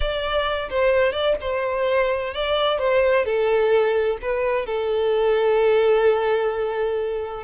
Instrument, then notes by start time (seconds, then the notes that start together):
violin
0.00 D5
0.70 C5
1.12 D5
1.40 C5
2.33 D5
2.78 C5
3.25 A4
4.21 B4
4.66 A4